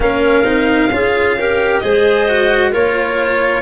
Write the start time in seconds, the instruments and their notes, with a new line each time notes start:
0.00 tuba A#3, cello C#4, clarinet A#4, violin F5
0.44 tuba C4, cello D#4
0.91 tuba C#4, cello F4, clarinet G#4
1.37 cello G4, clarinet A#4
1.79 tuba G#3, cello G#4, clarinet C5, violin D#5
2.28 cello F#4
2.71 tuba A#3, cello F4, clarinet A#4, violin C#5